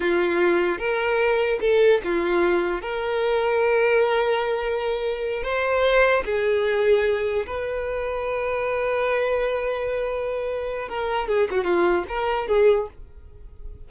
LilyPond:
\new Staff \with { instrumentName = "violin" } { \time 4/4 \tempo 4 = 149 f'2 ais'2 | a'4 f'2 ais'4~ | ais'1~ | ais'4. c''2 gis'8~ |
gis'2~ gis'8 b'4.~ | b'1~ | b'2. ais'4 | gis'8 fis'8 f'4 ais'4 gis'4 | }